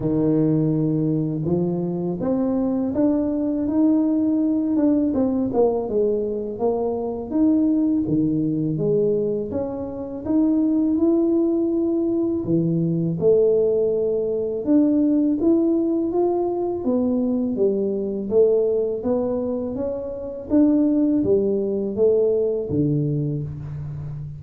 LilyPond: \new Staff \with { instrumentName = "tuba" } { \time 4/4 \tempo 4 = 82 dis2 f4 c'4 | d'4 dis'4. d'8 c'8 ais8 | gis4 ais4 dis'4 dis4 | gis4 cis'4 dis'4 e'4~ |
e'4 e4 a2 | d'4 e'4 f'4 b4 | g4 a4 b4 cis'4 | d'4 g4 a4 d4 | }